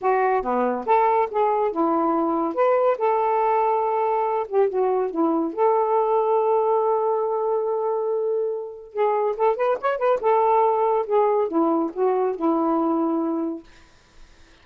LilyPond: \new Staff \with { instrumentName = "saxophone" } { \time 4/4 \tempo 4 = 141 fis'4 b4 a'4 gis'4 | e'2 b'4 a'4~ | a'2~ a'8 g'8 fis'4 | e'4 a'2.~ |
a'1~ | a'4 gis'4 a'8 b'8 cis''8 b'8 | a'2 gis'4 e'4 | fis'4 e'2. | }